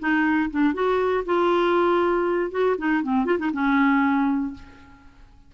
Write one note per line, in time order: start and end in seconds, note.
0.00 0.50 D#4
0.51 0.74 D4
0.74 1.25 F#4
1.26 2.52 F4
2.52 2.77 F#4
2.78 3.03 D#4
3.03 3.26 C4
3.26 3.39 F4
3.39 3.52 D#4
3.53 4.54 C#4